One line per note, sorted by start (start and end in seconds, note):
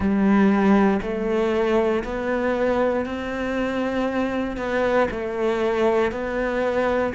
0.00 1.00 G3
1.02 2.03 A3
2.04 3.05 B3
3.05 4.57 C4
4.57 5.08 B3
5.10 6.11 A3
6.11 7.13 B3